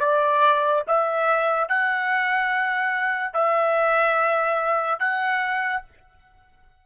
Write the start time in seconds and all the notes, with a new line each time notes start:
0.00 D5
0.88 E5
1.69 F#5
3.34 E5
5.00 F#5